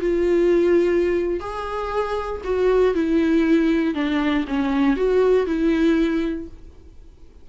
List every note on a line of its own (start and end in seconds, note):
0.00 1.40 F4
1.40 2.41 G#4
2.44 2.94 F#4
2.94 3.94 E4
3.94 4.45 D4
4.47 4.96 C#4
4.96 5.46 F#4
5.46 6.48 E4